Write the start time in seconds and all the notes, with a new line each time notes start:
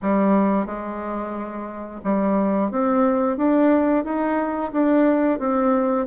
0.02 G3
0.66 G#3
2.04 G3
2.71 C4
3.37 D4
4.04 D#4
4.72 D4
5.39 C4